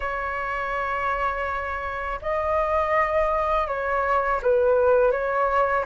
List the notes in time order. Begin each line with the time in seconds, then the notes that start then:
0.00 C#5
2.21 D#5
3.67 C#5
4.42 B4
5.11 C#5